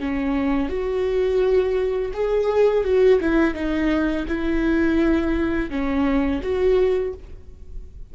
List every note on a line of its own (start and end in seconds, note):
0.00 0.69 C#4
0.69 2.12 F#4
2.14 2.85 G#4
2.85 3.20 F#4
3.21 3.55 E4
3.55 4.26 D#4
4.28 5.71 E4
5.71 6.42 C#4
6.43 7.14 F#4